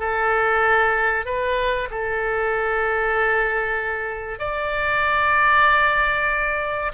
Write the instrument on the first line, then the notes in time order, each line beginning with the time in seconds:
oboe
0.00 A4
1.26 B4
1.91 A4
4.40 D5